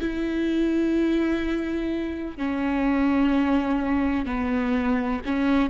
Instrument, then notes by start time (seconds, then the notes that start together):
viola
0.00 E4
2.37 C#4
4.26 B3
5.26 C#4